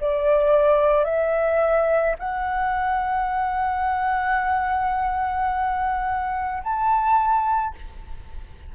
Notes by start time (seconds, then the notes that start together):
0.00 D5
1.04 E5
2.18 F#5
6.63 A5